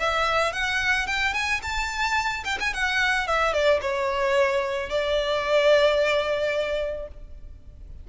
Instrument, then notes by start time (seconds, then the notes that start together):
violin
0.00 E5
0.53 F#5
1.07 G5
1.34 G#5
1.63 A5
2.44 G5
2.60 G#5
2.74 F#5
3.28 E5
3.53 D5
3.82 C#5
4.90 D5